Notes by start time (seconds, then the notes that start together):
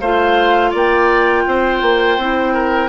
0.00 A3 F4 C5 F5
0.71 A#3 D5
0.77 G5
1.47 C4 C5
1.82 A#3
2.18 C4 E4
2.54 A#4